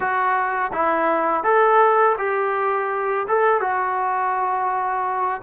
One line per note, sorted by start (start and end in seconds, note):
0.00 0.71 F#4
0.72 1.43 E4
1.43 2.16 A4
2.18 3.26 G4
3.28 3.60 A4
3.60 5.41 F#4